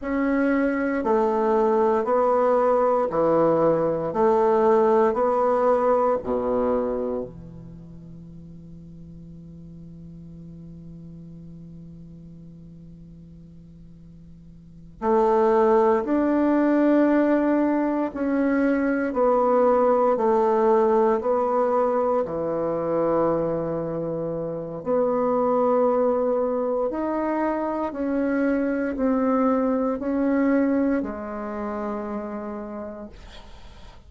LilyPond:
\new Staff \with { instrumentName = "bassoon" } { \time 4/4 \tempo 4 = 58 cis'4 a4 b4 e4 | a4 b4 b,4 e4~ | e1~ | e2~ e8 a4 d'8~ |
d'4. cis'4 b4 a8~ | a8 b4 e2~ e8 | b2 dis'4 cis'4 | c'4 cis'4 gis2 | }